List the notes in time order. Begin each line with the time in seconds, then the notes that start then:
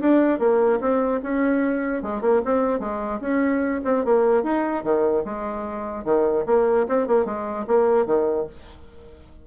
0.00 D4
0.39 A#3
0.80 C4
1.22 C#4
2.02 G#3
2.21 A#3
2.44 C4
2.79 G#3
3.20 C#4
3.84 C4
4.04 A#3
4.43 D#4
4.83 D#3
5.24 G#3
6.04 D#3
6.46 A#3
6.88 C4
7.07 A#3
7.25 G#3
7.67 A#3
8.06 D#3